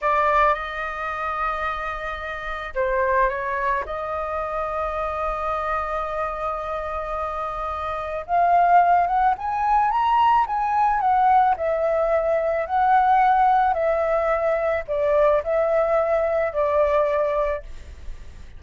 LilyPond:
\new Staff \with { instrumentName = "flute" } { \time 4/4 \tempo 4 = 109 d''4 dis''2.~ | dis''4 c''4 cis''4 dis''4~ | dis''1~ | dis''2. f''4~ |
f''8 fis''8 gis''4 ais''4 gis''4 | fis''4 e''2 fis''4~ | fis''4 e''2 d''4 | e''2 d''2 | }